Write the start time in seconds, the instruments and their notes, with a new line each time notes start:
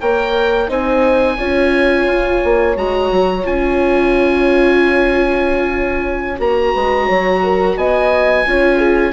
0.00 bassoon A#3, viola A#4, horn C#5, oboe G5
0.68 bassoon C4, viola D#4, horn C5, oboe G#5
1.37 bassoon C#4, viola F4, horn C#5
2.06 bassoon F4
2.44 bassoon A#3
2.75 bassoon G#3, viola F#4, oboe A#5
3.11 bassoon F#3
3.44 bassoon C#4, viola F4, oboe G#5
6.37 bassoon A#3, viola F#4, oboe A#5
6.73 bassoon G#3, horn B4
7.05 bassoon F#3, horn C#5
7.43 horn A#4
7.76 bassoon B3, horn D#5, oboe G#5
8.46 bassoon C#4, viola F4, horn C#5
8.77 horn G#4